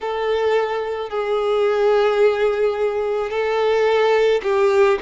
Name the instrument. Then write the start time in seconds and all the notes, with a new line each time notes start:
violin
0.00 A4
1.09 G#4
3.30 A4
4.42 G4